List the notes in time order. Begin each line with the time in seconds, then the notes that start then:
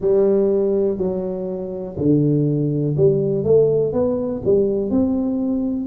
0.00 G3
0.97 F#3
1.97 D3
2.96 G3
3.43 A3
3.93 B3
4.44 G3
4.90 C4